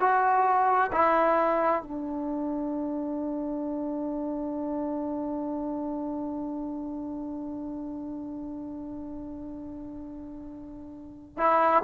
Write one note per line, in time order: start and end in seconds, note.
0.00 0.91 F#4
0.92 1.83 E4
1.83 11.37 D4
11.37 11.83 E4